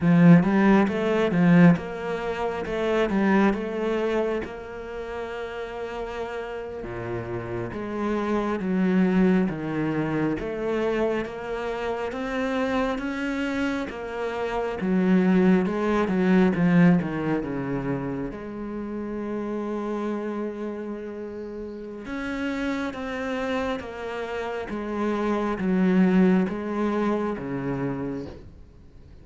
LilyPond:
\new Staff \with { instrumentName = "cello" } { \time 4/4 \tempo 4 = 68 f8 g8 a8 f8 ais4 a8 g8 | a4 ais2~ ais8. ais,16~ | ais,8. gis4 fis4 dis4 a16~ | a8. ais4 c'4 cis'4 ais16~ |
ais8. fis4 gis8 fis8 f8 dis8 cis16~ | cis8. gis2.~ gis16~ | gis4 cis'4 c'4 ais4 | gis4 fis4 gis4 cis4 | }